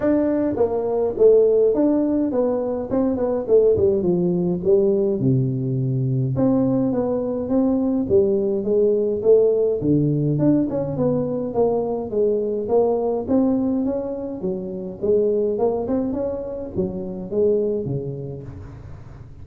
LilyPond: \new Staff \with { instrumentName = "tuba" } { \time 4/4 \tempo 4 = 104 d'4 ais4 a4 d'4 | b4 c'8 b8 a8 g8 f4 | g4 c2 c'4 | b4 c'4 g4 gis4 |
a4 d4 d'8 cis'8 b4 | ais4 gis4 ais4 c'4 | cis'4 fis4 gis4 ais8 c'8 | cis'4 fis4 gis4 cis4 | }